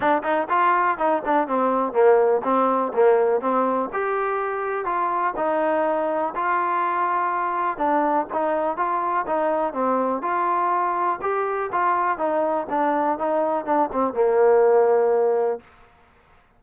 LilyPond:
\new Staff \with { instrumentName = "trombone" } { \time 4/4 \tempo 4 = 123 d'8 dis'8 f'4 dis'8 d'8 c'4 | ais4 c'4 ais4 c'4 | g'2 f'4 dis'4~ | dis'4 f'2. |
d'4 dis'4 f'4 dis'4 | c'4 f'2 g'4 | f'4 dis'4 d'4 dis'4 | d'8 c'8 ais2. | }